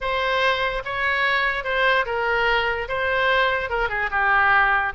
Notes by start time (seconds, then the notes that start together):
0.00 C5
0.84 C#5
1.64 C5
2.05 A#4
2.88 C5
3.69 A#4
3.89 G#4
4.10 G4